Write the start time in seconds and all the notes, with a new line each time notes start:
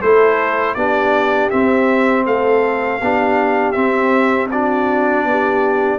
0.00 A3 E4 A4 C5
0.74 B3 D4 G4 D5
1.50 C4 E5
2.26 A3 A4 F5
3.01 B3 D4 G4
3.72 C4 E5
4.51 D4 F#4 D5
5.24 B3 G4